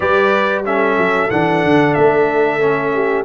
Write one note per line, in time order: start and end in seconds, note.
0.00 0.97 G3
0.00 0.64 G4
0.00 0.65 B4
0.00 0.62 D5
0.65 1.30 C#4
0.65 2.93 A4
0.65 1.30 E5
0.97 1.30 F#3
1.30 1.64 E3
1.30 2.60 D4
1.30 1.94 F#5
1.64 1.96 D3
1.94 3.25 A3
1.94 3.24 E5
2.60 3.25 C#4
2.93 3.25 G4